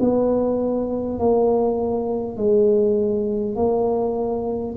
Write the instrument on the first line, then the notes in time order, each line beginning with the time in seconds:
tuba
0.00 B3
1.19 A#3
2.37 G#3
3.56 A#3